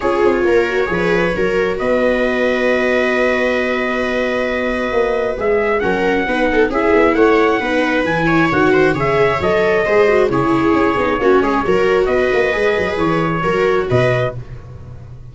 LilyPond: <<
  \new Staff \with { instrumentName = "trumpet" } { \time 4/4 \tempo 4 = 134 cis''1 | dis''1~ | dis''1 | e''4 fis''2 e''4 |
fis''2 gis''4 fis''4 | e''4 dis''2 cis''4~ | cis''2. dis''4~ | dis''4 cis''2 dis''4 | }
  \new Staff \with { instrumentName = "viola" } { \time 4/4 gis'4 ais'4 b'4 ais'4 | b'1~ | b'1~ | b'4 ais'4 b'8 a'8 gis'4 |
cis''4 b'4. cis''4 c''8 | cis''2 c''4 gis'4~ | gis'4 fis'8 gis'8 ais'4 b'4~ | b'2 ais'4 b'4 | }
  \new Staff \with { instrumentName = "viola" } { \time 4/4 f'4. fis'8 gis'4 fis'4~ | fis'1~ | fis'1 | gis'4 cis'4 dis'4 e'4~ |
e'4 dis'4 e'4 fis'4 | gis'4 a'4 gis'8 fis'8 e'4~ | e'8 dis'8 cis'4 fis'2 | gis'2 fis'2 | }
  \new Staff \with { instrumentName = "tuba" } { \time 4/4 cis'8 c'8 ais4 f4 fis4 | b1~ | b2. ais4 | gis4 fis4 b4 cis'8 b8 |
a4 b4 e4 dis4 | cis4 fis4 gis4 cis4 | cis'8 b8 ais8 gis8 fis4 b8 ais8 | gis8 fis8 e4 fis4 b,4 | }
>>